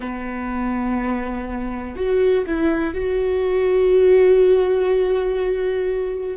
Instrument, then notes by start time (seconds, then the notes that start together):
viola
0.00 B3
1.96 F#4
2.45 E4
2.94 F#4